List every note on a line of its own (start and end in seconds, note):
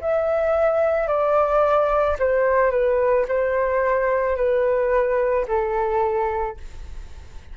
0.00 1.07 E5
1.07 2.16 D5
2.19 2.71 C5
2.71 3.25 B4
3.28 4.36 C5
4.36 5.45 B4
5.47 6.57 A4